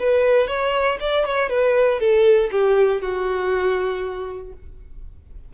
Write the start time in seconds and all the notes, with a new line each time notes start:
0.00 B4
0.48 C#5
1.01 D5
1.26 C#5
1.50 B4
2.00 A4
2.52 G4
3.02 F#4